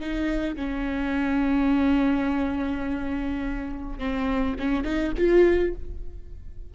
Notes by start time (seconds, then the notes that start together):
0.00 D#4
0.56 C#4
3.99 C4
4.59 C#4
4.84 D#4
5.17 F4